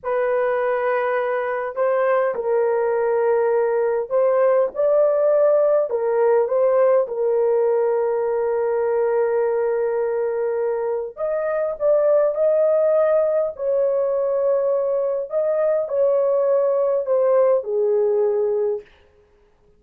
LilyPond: \new Staff \with { instrumentName = "horn" } { \time 4/4 \tempo 4 = 102 b'2. c''4 | ais'2. c''4 | d''2 ais'4 c''4 | ais'1~ |
ais'2. dis''4 | d''4 dis''2 cis''4~ | cis''2 dis''4 cis''4~ | cis''4 c''4 gis'2 | }